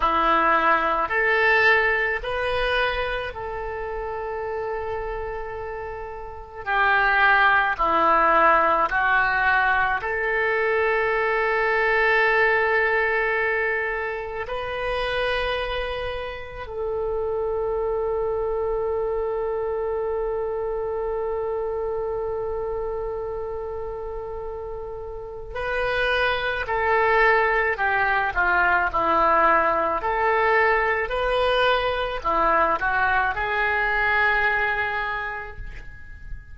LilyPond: \new Staff \with { instrumentName = "oboe" } { \time 4/4 \tempo 4 = 54 e'4 a'4 b'4 a'4~ | a'2 g'4 e'4 | fis'4 a'2.~ | a'4 b'2 a'4~ |
a'1~ | a'2. b'4 | a'4 g'8 f'8 e'4 a'4 | b'4 e'8 fis'8 gis'2 | }